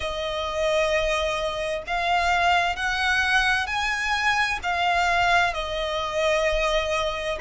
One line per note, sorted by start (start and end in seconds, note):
0.00 1.83 D#5
1.87 2.76 F5
2.76 3.67 F#5
3.67 4.59 G#5
4.62 5.53 F5
5.53 7.38 D#5